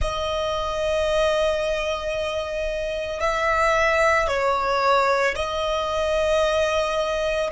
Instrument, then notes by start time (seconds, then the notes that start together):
violin
0.01 D#5
3.20 E5
4.27 C#5
5.35 D#5